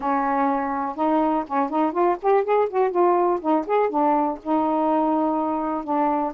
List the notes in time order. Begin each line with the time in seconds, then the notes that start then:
0.00 C#4
0.95 D#4
1.47 C#4
1.69 D#4
1.92 F4
2.22 G4
2.44 G#4
2.69 F#4
2.90 F4
3.40 D#4
3.67 G#4
3.89 D4
4.43 D#4
5.84 D4